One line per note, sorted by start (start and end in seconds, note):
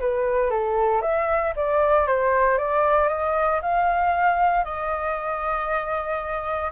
0.00 0.51 B4
0.51 1.02 A4
1.02 1.54 E5
1.56 2.07 D5
2.07 2.58 C5
2.58 3.09 D5
3.09 3.60 D#5
3.62 4.64 F5
4.64 6.71 D#5